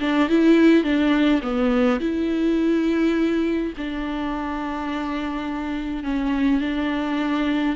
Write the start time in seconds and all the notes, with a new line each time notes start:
0.00 D4
0.29 E4
0.84 D4
1.42 B3
2.00 E4
3.77 D4
6.04 C#4
6.61 D4